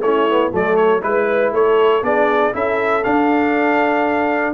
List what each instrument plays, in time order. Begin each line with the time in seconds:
0.00 tuba A3, trombone C#4, horn E4, trumpet C#5
0.29 trombone B3
0.51 tuba F#3, trombone A3, horn A4, trumpet D5
0.76 trumpet C#5
1.01 tuba G#3, trombone E4, trumpet B4, horn B4
1.52 tuba A3, horn A4, trumpet C#5
2.02 tuba B3, trombone D4, horn G#4, trumpet D5
2.52 tuba C#4, trombone E4, horn A4, trumpet E5
3.03 trombone D4, tuba D4, trumpet F5